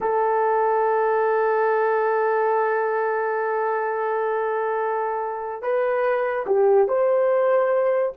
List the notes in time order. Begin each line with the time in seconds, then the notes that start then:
0.01 A4
5.62 B4
6.46 G4
6.87 C5